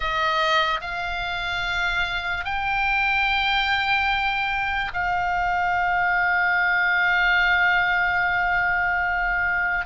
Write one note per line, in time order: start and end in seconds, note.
0.00 0.80 D#5
0.80 2.44 F5
2.44 4.91 G5
4.93 9.85 F5